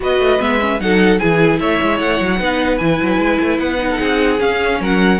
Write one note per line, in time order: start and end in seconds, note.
0.00 0.19 B3
0.00 0.39 F#4
0.00 0.81 B4
0.00 0.41 D#5
0.19 0.39 A3
0.39 0.79 G#3
0.39 0.59 B3
0.39 0.80 E5
0.59 0.79 C#4
0.79 1.19 F#3
0.79 1.18 D#4
0.79 1.21 A4
0.79 1.18 F#5
1.18 1.60 E3
1.18 2.38 E4
1.18 1.60 G#4
1.18 1.58 G#5
1.59 1.80 A3
1.59 2.39 C#5
1.59 1.98 E5
1.82 2.00 G#3
1.98 2.20 A3
1.98 2.77 F#5
2.20 2.39 F#3
2.38 2.79 B3
2.38 2.78 D#4
2.38 3.89 B4
2.77 3.00 E3
2.77 3.78 E4
2.77 3.57 G#5
3.02 3.18 F#3
3.18 3.38 G#3
3.41 3.58 A3
3.58 3.98 B3
3.58 4.39 F#5
3.78 4.38 D#4
3.90 3.99 A4
3.99 4.40 C4
3.99 4.79 G#4
4.38 5.18 C#4
4.38 4.80 C#4
4.38 4.80 F5
4.80 5.20 F#3
4.80 5.20 A#4
4.80 5.20 F#5